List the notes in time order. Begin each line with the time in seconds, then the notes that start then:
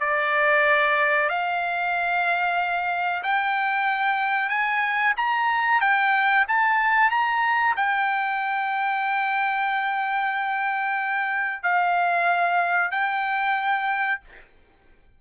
0.00 D5
1.29 F5
3.23 G5
4.49 G#5
5.17 A#5
5.81 G5
6.48 A5
7.11 A#5
7.76 G5
11.63 F5
12.91 G5